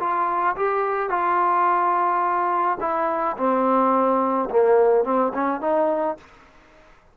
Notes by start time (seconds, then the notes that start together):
0.00 F4
0.57 G4
1.10 F4
2.81 E4
3.38 C4
4.50 A#3
5.05 C4
5.34 C#4
5.62 D#4